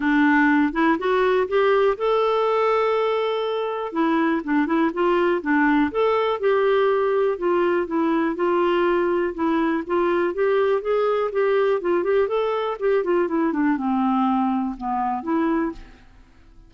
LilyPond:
\new Staff \with { instrumentName = "clarinet" } { \time 4/4 \tempo 4 = 122 d'4. e'8 fis'4 g'4 | a'1 | e'4 d'8 e'8 f'4 d'4 | a'4 g'2 f'4 |
e'4 f'2 e'4 | f'4 g'4 gis'4 g'4 | f'8 g'8 a'4 g'8 f'8 e'8 d'8 | c'2 b4 e'4 | }